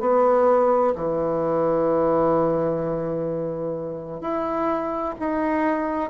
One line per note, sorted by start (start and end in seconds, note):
0.00 0.94 B3
0.95 4.21 E3
4.21 5.14 E4
5.19 6.10 D#4